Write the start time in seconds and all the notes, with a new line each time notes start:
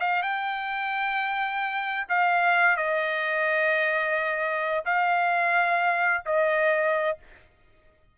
0.00 F5
0.22 G5
2.09 F5
2.77 D#5
4.85 F5
6.26 D#5